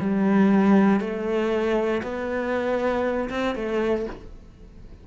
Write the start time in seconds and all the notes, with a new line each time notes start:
0.00 G3
1.00 A3
2.02 B3
3.30 C4
3.55 A3